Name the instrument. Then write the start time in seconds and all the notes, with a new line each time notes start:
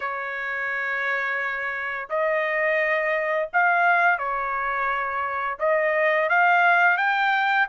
trumpet
0.00 C#5
2.09 D#5
3.53 F5
4.18 C#5
5.59 D#5
6.29 F5
6.97 G5